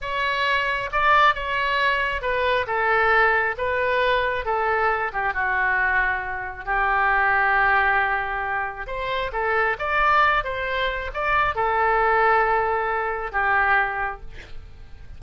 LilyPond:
\new Staff \with { instrumentName = "oboe" } { \time 4/4 \tempo 4 = 135 cis''2 d''4 cis''4~ | cis''4 b'4 a'2 | b'2 a'4. g'8 | fis'2. g'4~ |
g'1 | c''4 a'4 d''4. c''8~ | c''4 d''4 a'2~ | a'2 g'2 | }